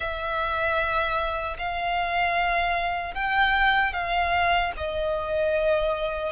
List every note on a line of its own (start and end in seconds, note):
0.00 1.56 E5
1.58 3.14 F5
3.14 3.93 G5
3.93 4.72 F5
4.76 6.32 D#5